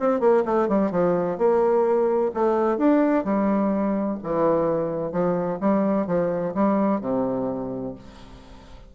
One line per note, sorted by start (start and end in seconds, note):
0.00 0.20 C4
0.20 0.44 A#3
0.46 0.69 A3
0.69 0.91 G3
0.91 1.38 F3
1.38 2.32 A#3
2.34 2.78 A3
2.78 3.25 D4
3.25 4.19 G3
4.24 5.12 E3
5.12 5.59 F3
5.61 6.07 G3
6.07 6.54 F3
6.55 7.01 G3
7.01 7.95 C3